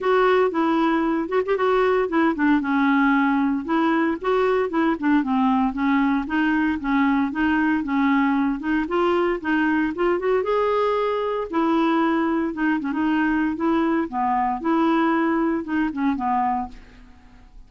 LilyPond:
\new Staff \with { instrumentName = "clarinet" } { \time 4/4 \tempo 4 = 115 fis'4 e'4. fis'16 g'16 fis'4 | e'8 d'8 cis'2 e'4 | fis'4 e'8 d'8 c'4 cis'4 | dis'4 cis'4 dis'4 cis'4~ |
cis'8 dis'8 f'4 dis'4 f'8 fis'8 | gis'2 e'2 | dis'8 cis'16 dis'4~ dis'16 e'4 b4 | e'2 dis'8 cis'8 b4 | }